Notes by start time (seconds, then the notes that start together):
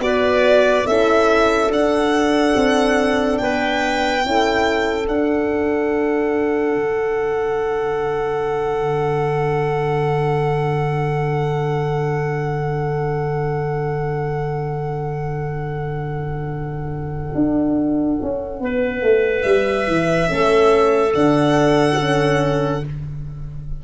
0.00 B3 F#4 B4 D5
0.87 C#4 E4 A4 E5
1.70 D4 F#5
2.56 C4
3.38 B3 B4 G5
4.25 C#4 E4 A4
5.08 D4 F#5
6.76 D3
17.35 D4
18.22 C#4
18.61 B3 B4
19.02 A3
19.43 G3 E5
19.87 E3
20.27 A3 C#4 A4
21.15 D3 D4 F#5
22.00 C#4